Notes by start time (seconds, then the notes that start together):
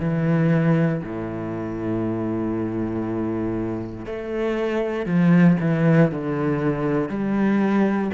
0.00 E3
1.03 A2
4.06 A3
5.06 F3
5.61 E3
6.12 D3
7.09 G3